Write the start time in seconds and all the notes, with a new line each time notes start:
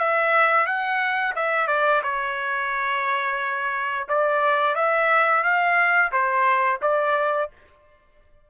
0.00 E5
0.67 F#5
1.36 E5
1.68 D5
2.03 C#5
4.09 D5
4.76 E5
5.44 F5
6.12 C5
6.82 D5